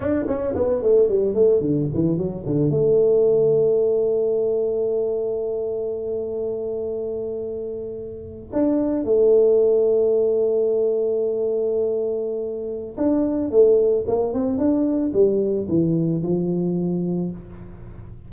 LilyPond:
\new Staff \with { instrumentName = "tuba" } { \time 4/4 \tempo 4 = 111 d'8 cis'8 b8 a8 g8 a8 d8 e8 | fis8 d8 a2.~ | a1~ | a2.~ a8. d'16~ |
d'8. a2.~ a16~ | a1 | d'4 a4 ais8 c'8 d'4 | g4 e4 f2 | }